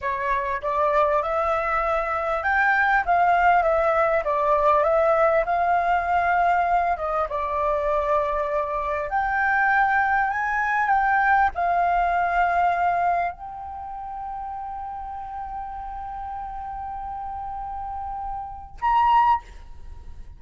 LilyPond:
\new Staff \with { instrumentName = "flute" } { \time 4/4 \tempo 4 = 99 cis''4 d''4 e''2 | g''4 f''4 e''4 d''4 | e''4 f''2~ f''8 dis''8 | d''2. g''4~ |
g''4 gis''4 g''4 f''4~ | f''2 g''2~ | g''1~ | g''2. ais''4 | }